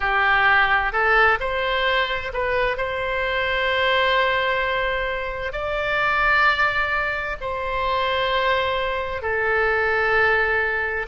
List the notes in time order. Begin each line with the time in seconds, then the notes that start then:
0.00 G4
0.92 A4
1.39 C5
2.33 B4
2.77 C5
5.52 D5
7.41 C5
9.21 A4